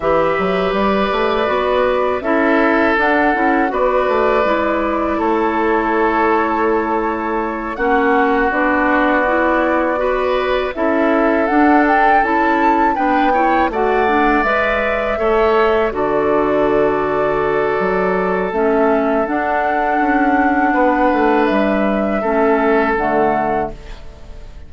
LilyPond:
<<
  \new Staff \with { instrumentName = "flute" } { \time 4/4 \tempo 4 = 81 e''4 d''2 e''4 | fis''4 d''2 cis''4~ | cis''2~ cis''8 fis''4 d''8~ | d''2~ d''8 e''4 fis''8 |
g''8 a''4 g''4 fis''4 e''8~ | e''4. d''2~ d''8~ | d''4 e''4 fis''2~ | fis''4 e''2 fis''4 | }
  \new Staff \with { instrumentName = "oboe" } { \time 4/4 b'2. a'4~ | a'4 b'2 a'4~ | a'2~ a'8 fis'4.~ | fis'4. b'4 a'4.~ |
a'4. b'8 cis''8 d''4.~ | d''8 cis''4 a'2~ a'8~ | a'1 | b'2 a'2 | }
  \new Staff \with { instrumentName = "clarinet" } { \time 4/4 g'2 fis'4 e'4 | d'8 e'8 fis'4 e'2~ | e'2~ e'8 cis'4 d'8~ | d'8 e'4 fis'4 e'4 d'8~ |
d'8 e'4 d'8 e'8 fis'8 d'8 b'8~ | b'8 a'4 fis'2~ fis'8~ | fis'4 cis'4 d'2~ | d'2 cis'4 a4 | }
  \new Staff \with { instrumentName = "bassoon" } { \time 4/4 e8 fis8 g8 a8 b4 cis'4 | d'8 cis'8 b8 a8 gis4 a4~ | a2~ a8 ais4 b8~ | b2~ b8 cis'4 d'8~ |
d'8 cis'4 b4 a4 gis8~ | gis8 a4 d2~ d8 | fis4 a4 d'4 cis'4 | b8 a8 g4 a4 d4 | }
>>